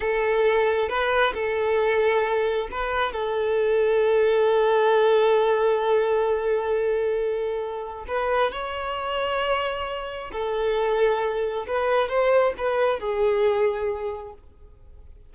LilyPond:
\new Staff \with { instrumentName = "violin" } { \time 4/4 \tempo 4 = 134 a'2 b'4 a'4~ | a'2 b'4 a'4~ | a'1~ | a'1~ |
a'2 b'4 cis''4~ | cis''2. a'4~ | a'2 b'4 c''4 | b'4 gis'2. | }